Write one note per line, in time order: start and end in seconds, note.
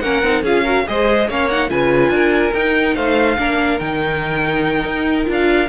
0.00 0.23 A#3
0.00 0.24 C#4
0.00 0.44 A#4
0.00 0.42 F#5
0.23 0.43 C4
0.23 0.45 D#4
0.43 0.85 C#4
0.43 0.65 F4
0.43 0.64 G#4
0.43 0.88 F5
0.64 0.86 F#4
0.64 0.85 A#4
0.87 1.30 G#3
0.87 1.28 G#4
0.87 1.28 C5
0.87 1.30 D#5
1.28 1.71 A#3
1.28 1.51 C#4
1.28 1.70 C#5
1.28 1.49 F5
1.49 1.69 D#4
1.49 1.70 F#5
1.69 2.10 C#3
1.69 2.53 F4
1.69 2.13 B4
1.69 2.54 G#5
2.10 2.51 D4
2.10 2.96 A#4
2.54 2.96 D#4
2.54 3.38 D#4
2.54 2.96 G5
2.96 3.38 A3
2.96 3.38 C5
2.96 3.79 F5
3.38 3.80 A#3
3.38 3.80 D4
3.38 5.69 A#4
3.79 4.84 D#3
3.79 5.25 D#4
3.79 5.26 G5
4.84 5.26 D#4
5.25 5.69 D4
5.25 5.67 F4
5.33 5.69 F5